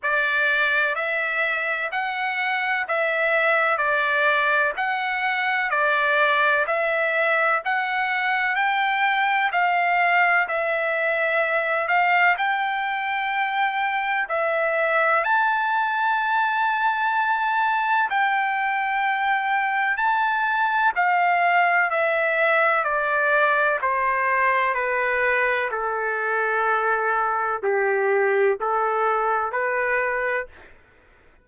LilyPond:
\new Staff \with { instrumentName = "trumpet" } { \time 4/4 \tempo 4 = 63 d''4 e''4 fis''4 e''4 | d''4 fis''4 d''4 e''4 | fis''4 g''4 f''4 e''4~ | e''8 f''8 g''2 e''4 |
a''2. g''4~ | g''4 a''4 f''4 e''4 | d''4 c''4 b'4 a'4~ | a'4 g'4 a'4 b'4 | }